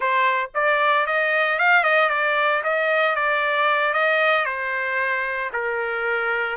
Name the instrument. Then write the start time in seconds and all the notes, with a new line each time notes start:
trumpet
0.00 C5
0.54 D5
1.06 D#5
1.58 F5
1.83 D#5
2.09 D5
2.63 D#5
3.15 D5
3.93 D#5
4.45 C5
5.52 A#4